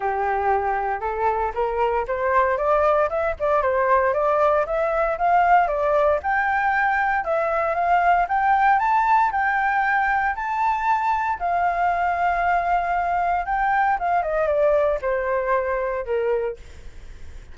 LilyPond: \new Staff \with { instrumentName = "flute" } { \time 4/4 \tempo 4 = 116 g'2 a'4 ais'4 | c''4 d''4 e''8 d''8 c''4 | d''4 e''4 f''4 d''4 | g''2 e''4 f''4 |
g''4 a''4 g''2 | a''2 f''2~ | f''2 g''4 f''8 dis''8 | d''4 c''2 ais'4 | }